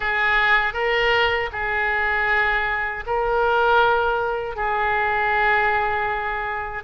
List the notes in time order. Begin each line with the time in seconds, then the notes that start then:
0.00 G#4
0.73 A#4
1.52 G#4
3.06 A#4
4.56 G#4